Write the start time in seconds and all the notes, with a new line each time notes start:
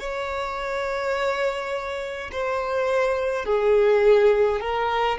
0.00 C#5
2.32 C5
3.46 G#4
4.61 A#4